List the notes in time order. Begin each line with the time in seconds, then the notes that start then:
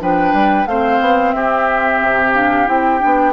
0.00 F3 D4 B4 G5
0.34 G3
0.66 A3 C4 C5 F5
1.01 B3
1.33 C4 G4 E5
2.02 C3
2.35 D4 F5
2.67 C4 E4 G5
3.00 B3 D4